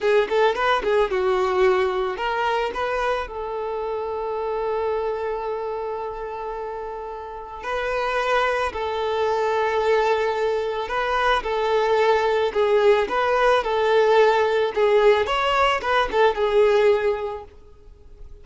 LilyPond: \new Staff \with { instrumentName = "violin" } { \time 4/4 \tempo 4 = 110 gis'8 a'8 b'8 gis'8 fis'2 | ais'4 b'4 a'2~ | a'1~ | a'2 b'2 |
a'1 | b'4 a'2 gis'4 | b'4 a'2 gis'4 | cis''4 b'8 a'8 gis'2 | }